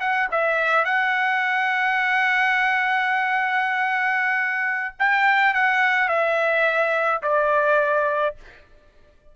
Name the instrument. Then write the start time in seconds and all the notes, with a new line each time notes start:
trumpet
0.00 F#5
0.32 E5
0.85 F#5
4.99 G5
5.54 F#5
6.09 E5
7.22 D5